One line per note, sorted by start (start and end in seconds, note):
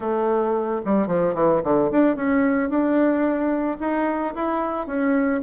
0.00 0.81 A3
0.85 1.07 G3
1.07 1.34 F3
1.34 1.61 E3
1.63 1.90 D3
1.91 2.15 D4
2.15 2.69 C#4
2.69 3.77 D4
3.80 4.34 D#4
4.35 4.86 E4
4.86 5.41 C#4